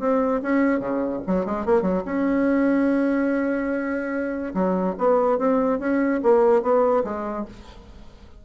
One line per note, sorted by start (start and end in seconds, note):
0.00 0.41 C4
0.43 0.80 C#4
0.80 1.21 C#3
1.27 1.46 F#3
1.46 1.66 G#3
1.66 1.82 A#3
1.82 2.03 F#3
2.06 4.54 C#4
4.54 4.96 F#3
4.98 5.38 B3
5.38 5.79 C4
5.79 6.21 C#4
6.23 6.63 A#3
6.63 7.04 B3
7.04 7.46 G#3